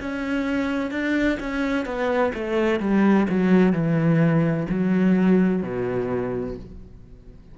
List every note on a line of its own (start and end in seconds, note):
0.00 0.91 C#4
0.91 1.38 D4
1.40 1.85 C#4
1.85 2.32 B3
2.34 2.80 A3
2.80 3.27 G3
3.29 3.73 F#3
3.73 4.67 E3
4.69 5.62 F#3
5.62 6.56 B2